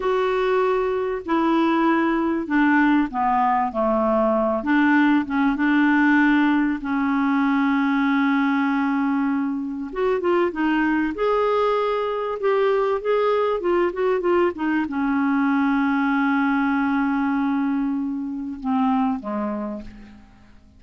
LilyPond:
\new Staff \with { instrumentName = "clarinet" } { \time 4/4 \tempo 4 = 97 fis'2 e'2 | d'4 b4 a4. d'8~ | d'8 cis'8 d'2 cis'4~ | cis'1 |
fis'8 f'8 dis'4 gis'2 | g'4 gis'4 f'8 fis'8 f'8 dis'8 | cis'1~ | cis'2 c'4 gis4 | }